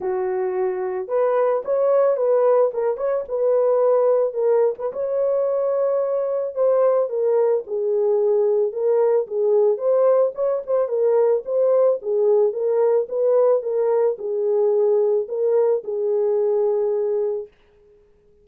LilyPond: \new Staff \with { instrumentName = "horn" } { \time 4/4 \tempo 4 = 110 fis'2 b'4 cis''4 | b'4 ais'8 cis''8 b'2 | ais'8. b'16 cis''2. | c''4 ais'4 gis'2 |
ais'4 gis'4 c''4 cis''8 c''8 | ais'4 c''4 gis'4 ais'4 | b'4 ais'4 gis'2 | ais'4 gis'2. | }